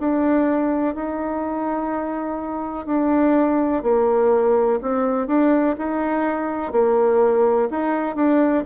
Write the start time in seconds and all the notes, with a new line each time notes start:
0.00 D4
0.95 D#4
2.86 D4
3.83 A#3
4.82 C4
5.28 D4
5.78 D#4
6.72 A#3
7.71 D#4
8.16 D4